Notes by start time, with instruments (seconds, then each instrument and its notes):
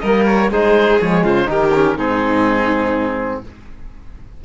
0.00 cello G3, trombone A#3, violin A#4, oboe D#5
0.26 oboe C#5
0.50 cello G#3, trombone D#4, violin G#4, oboe C5
1.01 cello F3, trombone G#3, oboe C#5
1.23 cello C#3, violin F4, oboe C5
1.46 cello D#3, trombone D#4, violin G4, oboe A#4
1.74 trombone C#4
1.98 cello G#2, trombone C4, violin D#4, oboe G#4